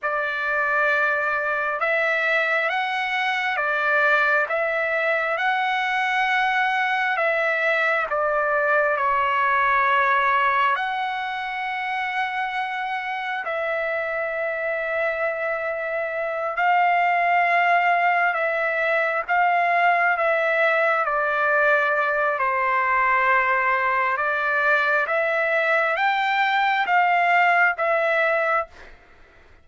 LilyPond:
\new Staff \with { instrumentName = "trumpet" } { \time 4/4 \tempo 4 = 67 d''2 e''4 fis''4 | d''4 e''4 fis''2 | e''4 d''4 cis''2 | fis''2. e''4~ |
e''2~ e''8 f''4.~ | f''8 e''4 f''4 e''4 d''8~ | d''4 c''2 d''4 | e''4 g''4 f''4 e''4 | }